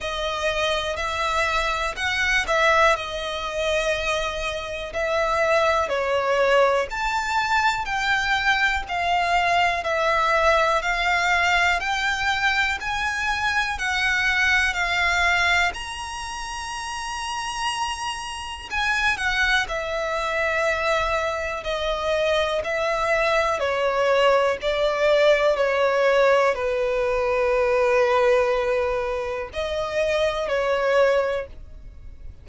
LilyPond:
\new Staff \with { instrumentName = "violin" } { \time 4/4 \tempo 4 = 61 dis''4 e''4 fis''8 e''8 dis''4~ | dis''4 e''4 cis''4 a''4 | g''4 f''4 e''4 f''4 | g''4 gis''4 fis''4 f''4 |
ais''2. gis''8 fis''8 | e''2 dis''4 e''4 | cis''4 d''4 cis''4 b'4~ | b'2 dis''4 cis''4 | }